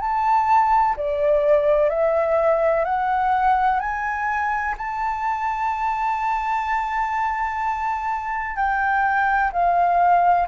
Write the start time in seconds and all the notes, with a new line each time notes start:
0.00 A5
0.96 D5
1.89 E5
2.84 F#5
3.79 G#5
4.77 A5
8.56 G5
9.52 F5